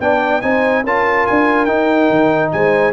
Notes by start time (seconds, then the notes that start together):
0.00 B3 D4 D5 G5
0.41 C4 D#4 C5 G#5
0.83 C#4 F4 A#4 A5
1.26 D4 G#5
1.65 D#4 G5
2.10 D#3
2.51 G#3 C5 G#5